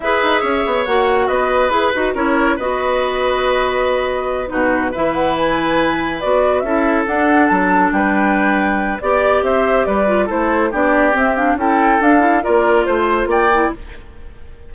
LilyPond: <<
  \new Staff \with { instrumentName = "flute" } { \time 4/4 \tempo 4 = 140 e''2 fis''4 dis''4 | b'4 cis''4 dis''2~ | dis''2~ dis''8 b'4 e''8 | fis''8 gis''2 d''4 e''8~ |
e''8 fis''4 a''4 g''4.~ | g''4 d''4 e''4 d''4 | c''4 d''4 e''8 f''8 g''4 | f''4 d''4 c''4 g''4 | }
  \new Staff \with { instrumentName = "oboe" } { \time 4/4 b'4 cis''2 b'4~ | b'4 ais'4 b'2~ | b'2~ b'8 fis'4 b'8~ | b'2.~ b'8 a'8~ |
a'2~ a'8 b'4.~ | b'4 d''4 c''4 b'4 | a'4 g'2 a'4~ | a'4 ais'4 c''4 d''4 | }
  \new Staff \with { instrumentName = "clarinet" } { \time 4/4 gis'2 fis'2 | gis'8 fis'8 e'4 fis'2~ | fis'2~ fis'8 dis'4 e'8~ | e'2~ e'8 fis'4 e'8~ |
e'8 d'2.~ d'8~ | d'4 g'2~ g'8 f'8 | e'4 d'4 c'8 d'8 e'4 | d'8 e'8 f'2~ f'8 e'8 | }
  \new Staff \with { instrumentName = "bassoon" } { \time 4/4 e'8 dis'8 cis'8 b8 ais4 b4 | e'8 dis'8 cis'4 b2~ | b2~ b8 b,4 e8~ | e2~ e8 b4 cis'8~ |
cis'8 d'4 fis4 g4.~ | g4 b4 c'4 g4 | a4 b4 c'4 cis'4 | d'4 ais4 a4 ais4 | }
>>